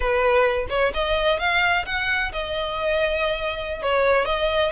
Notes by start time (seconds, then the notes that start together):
0.00 B4
0.69 C#5
0.94 D#5
1.39 F5
1.85 F#5
2.32 D#5
3.82 C#5
4.25 D#5